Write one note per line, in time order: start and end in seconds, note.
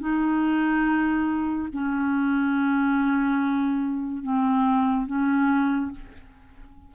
0.00 1.69 D#4
1.73 4.23 C#4
4.23 5.07 C4
5.07 5.91 C#4